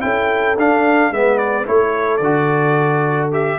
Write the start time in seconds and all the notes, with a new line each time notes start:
0.00 C#4 E4 A4 G5
0.57 D4 F5
1.11 G#3 B3 B4 E5
1.38 D5
1.65 A3 E4 A4 C#5
2.17 D3 D5
2.23 F#4
3.31 G4 E5